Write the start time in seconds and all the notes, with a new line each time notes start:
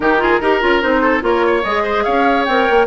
0.00 D#3 D#4 G4 A#4
0.18 F4 G#4
0.40 D#4 G4 A#4
0.61 C#4 F4
0.81 C4 D#4 C5
1.01 A4
1.20 A#3 F4 A#4 C#5
1.46 C#5
1.63 G#3 G#4 D#5
1.83 C5
2.03 C#4 C#5 F5
2.44 C4 A#4 G5
2.70 A#3